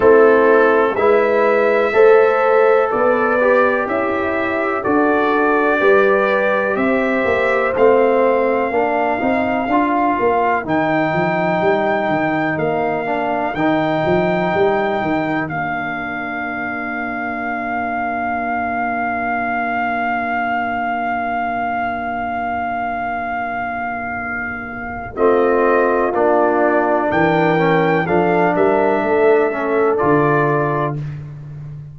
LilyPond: <<
  \new Staff \with { instrumentName = "trumpet" } { \time 4/4 \tempo 4 = 62 a'4 e''2 d''4 | e''4 d''2 e''4 | f''2. g''4~ | g''4 f''4 g''2 |
f''1~ | f''1~ | f''2 dis''4 d''4 | g''4 f''8 e''4. d''4 | }
  \new Staff \with { instrumentName = "horn" } { \time 4/4 e'4 b'4 c''4 b'4 | e'4 a'4 b'4 c''4~ | c''4 ais'2.~ | ais'1~ |
ais'1~ | ais'1~ | ais'2 f'2 | ais'4 a'8 ais'8 a'2 | }
  \new Staff \with { instrumentName = "trombone" } { \time 4/4 c'4 e'4 a'4. g'8~ | g'4 fis'4 g'2 | c'4 d'8 dis'8 f'4 dis'4~ | dis'4. d'8 dis'2 |
d'1~ | d'1~ | d'2 c'4 d'4~ | d'8 cis'8 d'4. cis'8 f'4 | }
  \new Staff \with { instrumentName = "tuba" } { \time 4/4 a4 gis4 a4 b4 | cis'4 d'4 g4 c'8 ais8 | a4 ais8 c'8 d'8 ais8 dis8 f8 | g8 dis8 ais4 dis8 f8 g8 dis8 |
ais1~ | ais1~ | ais2 a4 ais4 | e4 f8 g8 a4 d4 | }
>>